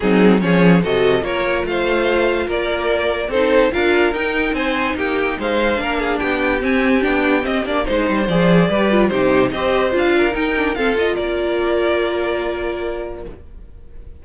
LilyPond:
<<
  \new Staff \with { instrumentName = "violin" } { \time 4/4 \tempo 4 = 145 gis'4 cis''4 dis''4 cis''4 | f''2 d''2 | c''4 f''4 g''4 gis''4 | g''4 f''2 g''4 |
gis''4 g''4 dis''8 d''8 c''4 | d''2 c''4 dis''4 | f''4 g''4 f''8 dis''8 d''4~ | d''1 | }
  \new Staff \with { instrumentName = "violin" } { \time 4/4 dis'4 gis'4 a'4 ais'4 | c''2 ais'2 | a'4 ais'2 c''4 | g'4 c''4 ais'8 gis'8 g'4~ |
g'2. c''4~ | c''4 b'4 g'4 c''4~ | c''8 ais'4. a'4 ais'4~ | ais'1 | }
  \new Staff \with { instrumentName = "viola" } { \time 4/4 c'4 cis'4 fis'4 f'4~ | f'1 | dis'4 f'4 dis'2~ | dis'2 d'2 |
c'4 d'4 c'8 d'8 dis'4 | gis'4 g'8 f'8 dis'4 g'4 | f'4 dis'8 d'8 c'8 f'4.~ | f'1 | }
  \new Staff \with { instrumentName = "cello" } { \time 4/4 fis4 f4 c4 ais4 | a2 ais2 | c'4 d'4 dis'4 c'4 | ais4 gis4 ais4 b4 |
c'4 b4 c'8 ais8 gis8 g8 | f4 g4 c4 c'4 | d'4 dis'4 f'4 ais4~ | ais1 | }
>>